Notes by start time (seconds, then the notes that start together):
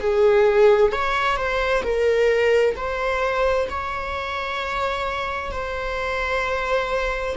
0.00 G#4
0.92 C#5
1.36 C5
1.83 A#4
2.76 C5
3.69 C#5
5.51 C5